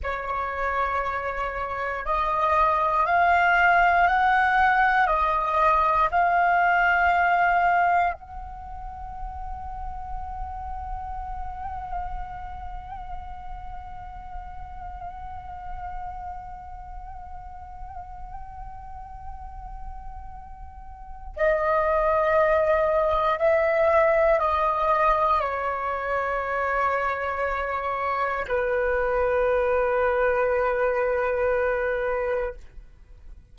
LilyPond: \new Staff \with { instrumentName = "flute" } { \time 4/4 \tempo 4 = 59 cis''2 dis''4 f''4 | fis''4 dis''4 f''2 | fis''1~ | fis''1~ |
fis''1~ | fis''4 dis''2 e''4 | dis''4 cis''2. | b'1 | }